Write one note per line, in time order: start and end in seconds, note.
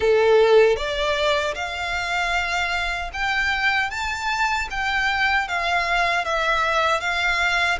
0.00 0.76 A4
0.76 1.54 D5
1.54 3.10 F5
3.13 3.90 G5
3.90 4.68 A5
4.70 5.48 G5
5.48 6.24 F5
6.24 7.00 E5
7.00 7.78 F5